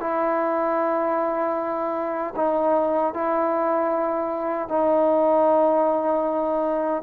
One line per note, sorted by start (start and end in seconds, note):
0.00 2.34 E4
2.36 3.13 D#4
3.14 4.69 E4
4.69 7.02 D#4